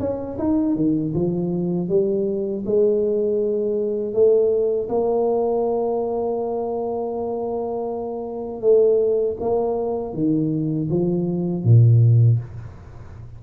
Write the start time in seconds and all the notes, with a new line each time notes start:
0.00 C#4
0.39 D#4
0.76 D#3
1.15 F3
1.89 G3
2.66 G#3
4.14 A3
4.89 A#3
8.62 A3
9.40 A#3
10.14 D#3
10.91 F3
11.65 A#2